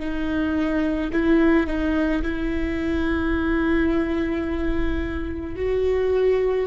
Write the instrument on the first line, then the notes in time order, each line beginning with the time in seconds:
viola
0.00 D#4
1.12 E4
1.67 D#4
2.23 E4
5.56 F#4